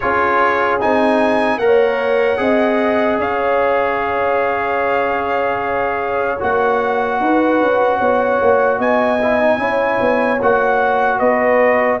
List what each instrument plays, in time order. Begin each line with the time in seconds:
0.00 tuba C#4, trombone F4, horn G#4, trumpet C#5
0.80 tuba C4, trombone D#4, trumpet G#5
1.57 tuba A#3, trombone A#4, trumpet F#5
1.65 horn C#5
2.37 tuba C4, trombone G#4, horn D#5
3.17 tuba C#4, horn C#5, trumpet F5
6.39 tuba A#3, trombone F#4, trumpet F#5
7.20 tuba D#4, horn B4
7.60 tuba C#4
7.98 tuba B3, horn C#5
8.41 tuba A#3
8.78 tuba B3, horn D#5, trumpet G#5
9.21 trombone E4
9.40 trombone D#4
9.57 tuba C#4, trombone E4, horn C#5
10.00 tuba B3
10.41 tuba A#3, trombone F#4, trumpet F#5
11.18 tuba B3, horn B4, trumpet D#5